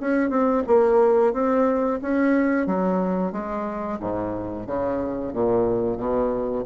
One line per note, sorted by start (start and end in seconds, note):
0.00 0.30 C#4
0.30 0.63 C4
0.67 1.33 A#3
1.33 2.00 C4
2.02 2.67 C#4
2.67 3.32 F#3
3.32 3.99 G#3
4.00 4.66 G#2
4.66 5.33 C#3
5.33 5.98 A#2
5.98 6.64 B2